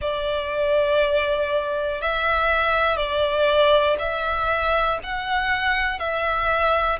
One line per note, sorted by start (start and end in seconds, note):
0.00 2.00 D5
2.00 2.96 E5
2.96 3.96 D5
3.98 4.98 E5
5.03 5.99 F#5
5.99 6.99 E5